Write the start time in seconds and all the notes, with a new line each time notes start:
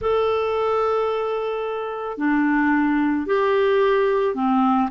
0.00 A4
2.17 D4
3.26 G4
4.34 C4